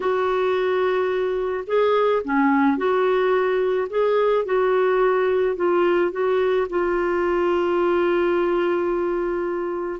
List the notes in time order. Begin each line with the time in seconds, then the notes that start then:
0.00 F#4
1.66 G#4
2.24 C#4
2.77 F#4
3.89 G#4
4.45 F#4
5.56 F4
6.11 F#4
6.69 F4